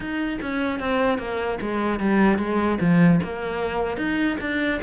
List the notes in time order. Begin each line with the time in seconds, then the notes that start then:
0.00 D#4
0.41 C#4
0.79 C4
1.18 A#3
1.61 G#3
1.99 G3
2.38 G#3
2.80 F3
3.23 A#3
3.97 D#4
4.40 D4